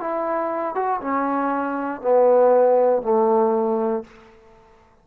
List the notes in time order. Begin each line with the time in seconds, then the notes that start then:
0.00 E4
0.75 F#4
1.01 C#4
2.01 B3
3.02 A3